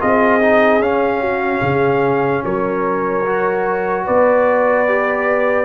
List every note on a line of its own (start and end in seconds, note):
0.00 0.79 C4
0.00 0.41 F4
0.00 1.21 G#4
0.00 0.82 D#5
0.41 0.81 D#4
0.79 1.60 C#4
0.79 3.26 C#4
0.79 2.44 F5
1.21 1.61 F#4
1.62 2.43 C#3
1.62 2.44 G#4
2.45 4.08 F#3
2.45 4.05 A#4
2.45 4.06 C#5
3.26 4.88 F#4
4.05 5.65 B3
4.05 5.65 B4
4.05 5.65 D5
4.88 5.65 G4